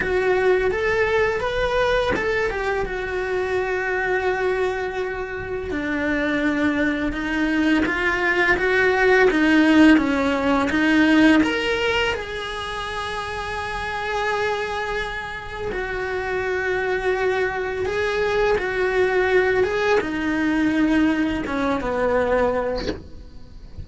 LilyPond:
\new Staff \with { instrumentName = "cello" } { \time 4/4 \tempo 4 = 84 fis'4 a'4 b'4 a'8 g'8 | fis'1 | d'2 dis'4 f'4 | fis'4 dis'4 cis'4 dis'4 |
ais'4 gis'2.~ | gis'2 fis'2~ | fis'4 gis'4 fis'4. gis'8 | dis'2 cis'8 b4. | }